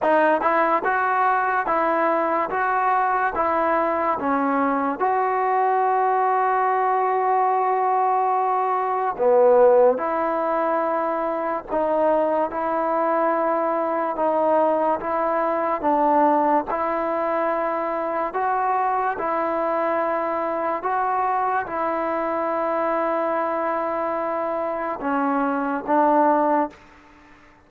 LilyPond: \new Staff \with { instrumentName = "trombone" } { \time 4/4 \tempo 4 = 72 dis'8 e'8 fis'4 e'4 fis'4 | e'4 cis'4 fis'2~ | fis'2. b4 | e'2 dis'4 e'4~ |
e'4 dis'4 e'4 d'4 | e'2 fis'4 e'4~ | e'4 fis'4 e'2~ | e'2 cis'4 d'4 | }